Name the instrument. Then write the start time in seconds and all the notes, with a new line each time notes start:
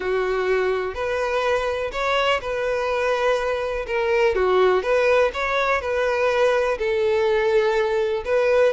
violin
0.00 F#4
0.94 B4
1.92 C#5
2.41 B4
3.86 A#4
4.35 F#4
4.82 B4
5.33 C#5
5.81 B4
6.78 A4
8.25 B4